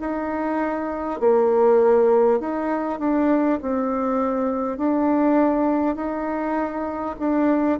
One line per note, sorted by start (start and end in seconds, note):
0.00 1.20 D#4
1.20 2.40 A#3
2.40 2.99 D#4
2.99 3.59 D4
3.62 4.77 C4
4.77 5.96 D4
5.96 7.16 D#4
7.19 7.79 D4